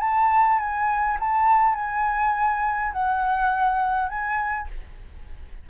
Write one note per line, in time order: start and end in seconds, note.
0.00 0.59 A5
0.59 1.18 G#5
1.20 1.75 A5
1.75 2.93 G#5
2.93 4.09 F#5
4.09 4.68 G#5